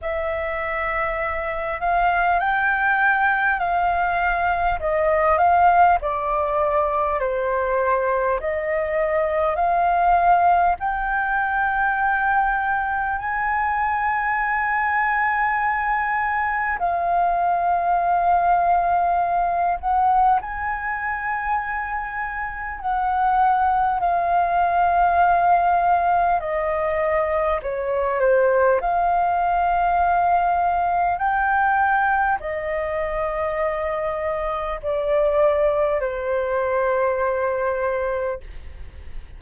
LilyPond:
\new Staff \with { instrumentName = "flute" } { \time 4/4 \tempo 4 = 50 e''4. f''8 g''4 f''4 | dis''8 f''8 d''4 c''4 dis''4 | f''4 g''2 gis''4~ | gis''2 f''2~ |
f''8 fis''8 gis''2 fis''4 | f''2 dis''4 cis''8 c''8 | f''2 g''4 dis''4~ | dis''4 d''4 c''2 | }